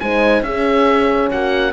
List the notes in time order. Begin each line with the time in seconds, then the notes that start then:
0.00 G#3 D#4 C5 G#5
0.42 C#4 G#4 E5
1.31 A#3 F#4 F#5